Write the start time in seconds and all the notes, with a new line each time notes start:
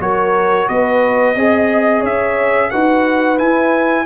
0.00 F#3 F#4 A#4 C#5
0.69 B3 B4 D#5
1.36 C4 G#4 D#5
2.01 C#4 C#5 E5
2.71 D#4 F#4 B4 F#5
3.39 E4 G#5